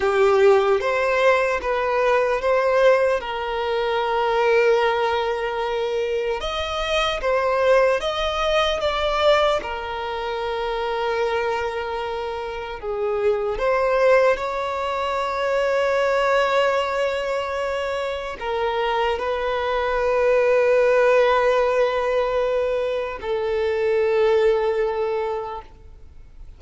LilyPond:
\new Staff \with { instrumentName = "violin" } { \time 4/4 \tempo 4 = 75 g'4 c''4 b'4 c''4 | ais'1 | dis''4 c''4 dis''4 d''4 | ais'1 |
gis'4 c''4 cis''2~ | cis''2. ais'4 | b'1~ | b'4 a'2. | }